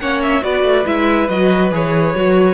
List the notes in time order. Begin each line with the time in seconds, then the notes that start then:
0.00 A#3 C#4 C#5 F#5
0.23 E5
0.42 B3 F#4 B4 D5
0.64 A3
0.86 G#3 E4 E5
1.29 F#3 F#4 D#5
1.72 E3 G#4 C#5
2.15 F#3 F#4